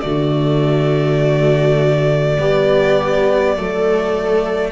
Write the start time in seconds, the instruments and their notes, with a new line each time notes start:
0.00 tuba D3, cello A3, viola F#4, violin D5
2.38 tuba G3, cello B3, viola G4
3.56 tuba F#3, cello A3, viola A4